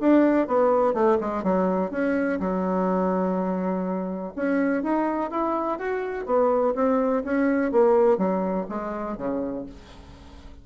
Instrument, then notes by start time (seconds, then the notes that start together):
bassoon
0.00 D4
0.47 B3
0.93 A3
1.20 G#3
1.43 F#3
1.91 C#4
2.40 F#3
4.36 C#4
4.83 D#4
5.30 E4
5.78 F#4
6.26 B3
6.75 C4
7.24 C#4
7.72 A#3
8.18 F#3
8.69 G#3
9.17 C#3